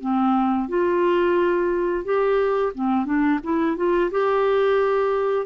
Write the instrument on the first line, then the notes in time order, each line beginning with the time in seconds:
clarinet
0.00 C4
0.68 F4
2.04 G4
2.74 C4
3.05 D4
3.43 E4
3.76 F4
4.11 G4